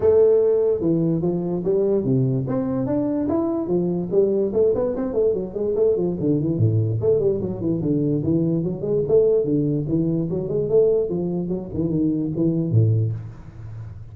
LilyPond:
\new Staff \with { instrumentName = "tuba" } { \time 4/4 \tempo 4 = 146 a2 e4 f4 | g4 c4 c'4 d'4 | e'4 f4 g4 a8 b8 | c'8 a8 fis8 gis8 a8 f8 d8 e8 |
a,4 a8 g8 fis8 e8 d4 | e4 fis8 gis8 a4 d4 | e4 fis8 gis8 a4 f4 | fis8 e8 dis4 e4 a,4 | }